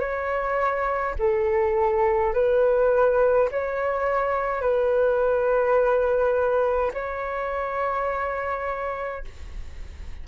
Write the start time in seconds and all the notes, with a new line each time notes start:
0.00 C#5
1.19 A4
2.34 B4
3.52 C#5
4.62 B4
6.94 C#5